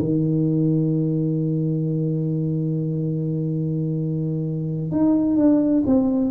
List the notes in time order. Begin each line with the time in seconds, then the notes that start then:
0.00 D#3
4.91 D#4
5.37 D4
5.86 C4